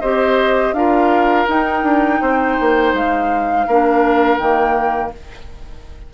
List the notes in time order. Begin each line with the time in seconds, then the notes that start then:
0.00 C4 G4 C5 D#5
0.72 D4 F4 A#4 F5
1.47 D#4 G5
1.82 D4
2.21 C4 C5
2.60 A#3
2.93 G#3 F5
3.67 A#3 D4 A#4
4.37 D#3 A#3 G5